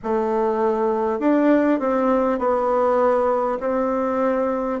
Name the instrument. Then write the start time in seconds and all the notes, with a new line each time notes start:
bassoon
0.03 A3
1.19 D4
1.79 C4
2.38 B3
3.60 C4